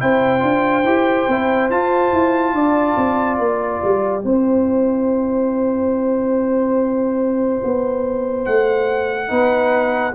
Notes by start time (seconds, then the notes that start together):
0.00 C4 E4 C5 G5
0.40 D4 F4
0.84 E4 G4
1.28 C4 E4
1.70 F4 A5
2.13 E4
2.53 D4 D5
2.97 C4
3.38 A#3 G5
3.84 G3
4.23 C4 E4 C5
7.64 B3
8.46 A3 F#5
9.28 B3 D#4 B4